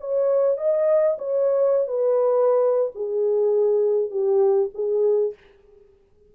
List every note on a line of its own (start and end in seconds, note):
0.00 0.57 C#5
0.57 1.16 D#5
1.18 1.87 C#5
1.87 2.91 B4
2.94 4.10 G#4
4.10 4.70 G4
4.74 5.33 G#4